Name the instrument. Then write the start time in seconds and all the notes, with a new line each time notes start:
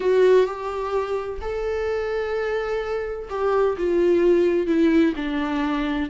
viola
0.00 F#4
0.46 G4
1.41 A4
3.29 G4
3.77 F4
4.66 E4
5.16 D4